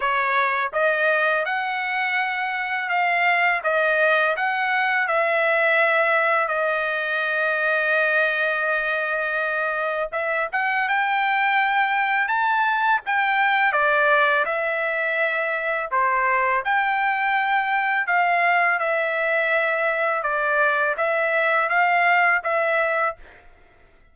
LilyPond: \new Staff \with { instrumentName = "trumpet" } { \time 4/4 \tempo 4 = 83 cis''4 dis''4 fis''2 | f''4 dis''4 fis''4 e''4~ | e''4 dis''2.~ | dis''2 e''8 fis''8 g''4~ |
g''4 a''4 g''4 d''4 | e''2 c''4 g''4~ | g''4 f''4 e''2 | d''4 e''4 f''4 e''4 | }